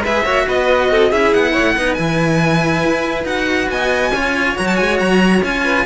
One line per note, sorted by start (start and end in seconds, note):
0.00 0.22 G#3
0.00 0.24 B4
0.00 0.48 E5
0.07 0.25 G#4
0.24 0.47 A#3
0.24 1.11 F#4
0.24 0.46 C#5
0.47 0.91 B3
0.47 0.90 B4
0.47 1.12 D#5
0.91 1.12 C4
0.91 1.11 A4
1.11 1.34 C#4
1.11 1.76 E4
1.11 1.52 G#4
1.11 1.33 E5
1.33 1.56 B3
1.33 1.94 F#5
1.52 1.73 C#5
1.58 1.76 A3
1.76 1.97 B3
1.76 1.97 D#4
1.76 3.72 B4
1.94 2.84 E3
1.94 3.26 E4
1.94 3.23 G#5
2.84 3.24 E4
3.24 3.67 D#4
3.24 4.12 F#4
3.24 3.70 F#5
3.69 4.12 B3
3.69 4.14 D#5
3.69 4.57 G#5
4.12 4.55 C#4
4.12 4.56 F4
4.12 5.64 C#5
4.56 4.80 F#3
4.56 5.42 F#4
4.56 4.67 A#5
4.67 4.76 A5
4.76 5.01 G#3
4.76 4.98 G#5
4.99 5.42 F#3
4.99 5.43 A#5
5.42 5.85 C#4
5.42 5.86 F4
5.42 5.86 G#5
5.64 5.86 B4